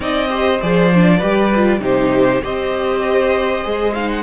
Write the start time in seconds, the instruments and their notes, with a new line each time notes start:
0.00 cello C4, viola D#4, violin D5 D#5
0.29 viola G4, violin C5
0.61 cello F3, viola G#4, violin D5
0.94 viola D4
1.17 cello G3, viola G4, violin B4
1.55 viola F4
1.80 cello C3, viola D#4, violin G4 C5
2.43 cello C4, viola G4, violin C5 D#5
3.63 cello G#3, viola G#4
3.94 viola D#4, violin F5
4.09 violin F#5